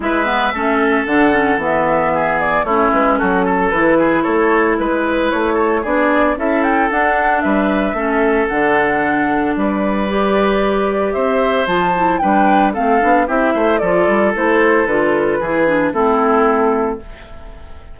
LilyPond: <<
  \new Staff \with { instrumentName = "flute" } { \time 4/4 \tempo 4 = 113 e''2 fis''4 e''4~ | e''8 d''8 cis''8 b'8 a'4 b'4 | cis''4 b'4 cis''4 d''4 | e''8 g''8 fis''4 e''2 |
fis''2 d''2~ | d''4 e''4 a''4 g''4 | f''4 e''4 d''4 c''4 | b'2 a'2 | }
  \new Staff \with { instrumentName = "oboe" } { \time 4/4 b'4 a'2. | gis'4 e'4 fis'8 a'4 gis'8 | a'4 b'4. a'8 gis'4 | a'2 b'4 a'4~ |
a'2 b'2~ | b'4 c''2 b'4 | a'4 g'8 c''8 a'2~ | a'4 gis'4 e'2 | }
  \new Staff \with { instrumentName = "clarinet" } { \time 4/4 e'8 b8 cis'4 d'8 cis'8 b4~ | b4 cis'2 e'4~ | e'2. d'4 | e'4 d'2 cis'4 |
d'2. g'4~ | g'2 f'8 e'8 d'4 | c'8 d'8 e'4 f'4 e'4 | f'4 e'8 d'8 c'2 | }
  \new Staff \with { instrumentName = "bassoon" } { \time 4/4 gis4 a4 d4 e4~ | e4 a8 gis8 fis4 e4 | a4 gis4 a4 b4 | cis'4 d'4 g4 a4 |
d2 g2~ | g4 c'4 f4 g4 | a8 b8 c'8 a8 f8 g8 a4 | d4 e4 a2 | }
>>